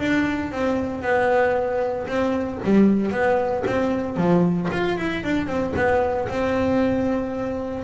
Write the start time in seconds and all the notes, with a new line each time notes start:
0.00 D4
0.52 C4
1.02 B3
2.07 C4
2.64 G3
3.12 B3
3.67 C4
4.17 F3
4.72 F4
4.98 E4
5.24 D4
5.48 C4
5.77 B3
6.29 C4